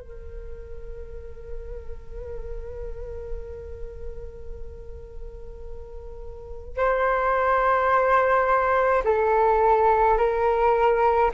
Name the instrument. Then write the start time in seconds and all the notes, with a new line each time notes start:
flute
0.00 A#4
6.77 C5
9.05 A4
10.17 A#4